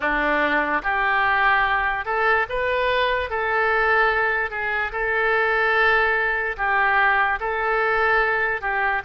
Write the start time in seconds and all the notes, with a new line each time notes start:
0.00 D4
0.83 G4
2.05 A4
2.49 B4
3.30 A4
4.50 G#4
4.92 A4
6.57 G4
7.40 A4
8.61 G4